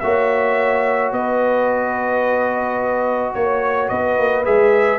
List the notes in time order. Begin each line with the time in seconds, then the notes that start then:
0.00 A#3 F#4 C#5 E5
1.11 B3 B4 D#5
3.34 A#3 C#5
3.88 B3 B4 D#5
4.18 A#3
4.44 G#3 G#4 E5